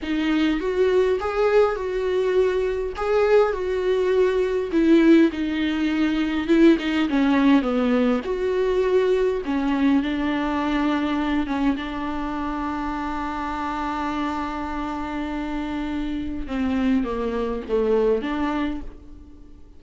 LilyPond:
\new Staff \with { instrumentName = "viola" } { \time 4/4 \tempo 4 = 102 dis'4 fis'4 gis'4 fis'4~ | fis'4 gis'4 fis'2 | e'4 dis'2 e'8 dis'8 | cis'4 b4 fis'2 |
cis'4 d'2~ d'8 cis'8 | d'1~ | d'1 | c'4 ais4 a4 d'4 | }